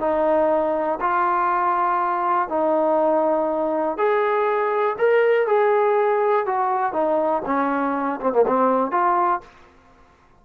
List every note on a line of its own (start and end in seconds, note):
0.00 0.99 D#4
1.01 2.49 F4
2.49 3.98 D#4
3.98 4.97 G#4
4.98 5.47 A#4
5.47 6.46 G#4
6.46 6.93 F#4
6.93 7.42 D#4
7.46 8.20 C#4
8.21 8.33 C4
8.33 8.45 A#3
8.47 8.91 C4
8.91 9.41 F4